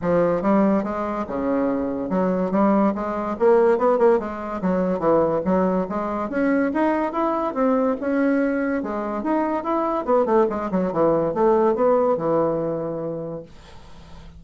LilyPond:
\new Staff \with { instrumentName = "bassoon" } { \time 4/4 \tempo 4 = 143 f4 g4 gis4 cis4~ | cis4 fis4 g4 gis4 | ais4 b8 ais8 gis4 fis4 | e4 fis4 gis4 cis'4 |
dis'4 e'4 c'4 cis'4~ | cis'4 gis4 dis'4 e'4 | b8 a8 gis8 fis8 e4 a4 | b4 e2. | }